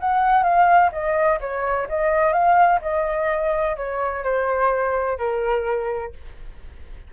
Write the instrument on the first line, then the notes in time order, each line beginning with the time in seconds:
flute
0.00 F#5
0.43 F5
0.92 D#5
1.40 C#5
1.89 D#5
2.33 F5
2.82 D#5
3.77 C#5
4.24 C5
5.18 A#4